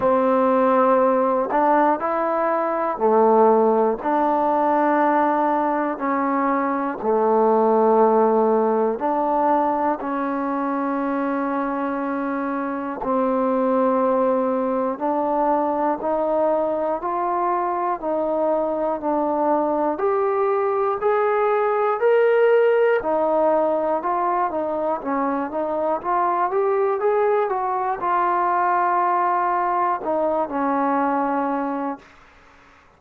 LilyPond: \new Staff \with { instrumentName = "trombone" } { \time 4/4 \tempo 4 = 60 c'4. d'8 e'4 a4 | d'2 cis'4 a4~ | a4 d'4 cis'2~ | cis'4 c'2 d'4 |
dis'4 f'4 dis'4 d'4 | g'4 gis'4 ais'4 dis'4 | f'8 dis'8 cis'8 dis'8 f'8 g'8 gis'8 fis'8 | f'2 dis'8 cis'4. | }